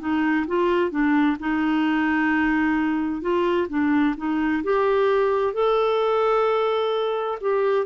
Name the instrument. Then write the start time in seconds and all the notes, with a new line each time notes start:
clarinet
0.00 D#4
0.47 F4
0.91 D4
1.40 D#4
3.22 F4
3.69 D4
4.17 D#4
4.64 G4
5.54 A4
7.41 G4